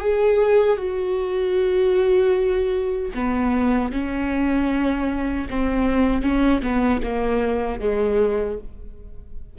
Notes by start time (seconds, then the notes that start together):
0.00 G#4
0.77 F#4
3.15 B3
3.92 C#4
5.50 C4
6.22 C#4
6.62 B3
7.03 A#3
7.80 G#3